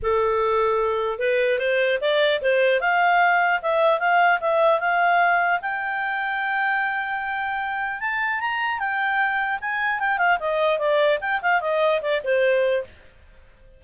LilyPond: \new Staff \with { instrumentName = "clarinet" } { \time 4/4 \tempo 4 = 150 a'2. b'4 | c''4 d''4 c''4 f''4~ | f''4 e''4 f''4 e''4 | f''2 g''2~ |
g''1 | a''4 ais''4 g''2 | gis''4 g''8 f''8 dis''4 d''4 | g''8 f''8 dis''4 d''8 c''4. | }